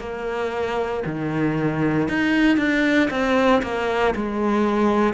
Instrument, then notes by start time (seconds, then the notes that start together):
cello
0.00 A#3
1.06 D#3
2.09 D#4
2.58 D4
3.11 C4
3.63 A#3
4.16 G#3